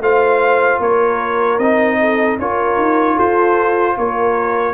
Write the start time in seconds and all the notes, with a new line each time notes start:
0.00 A3 F4 C5 F5
0.79 A#3 A#4 C#5
1.59 C4 D#4 D#5
2.00 A4
2.38 C#4 F4 A#4 C#5
2.77 D#4
3.15 F4 A4 C5
3.97 A#3 A#4 C#5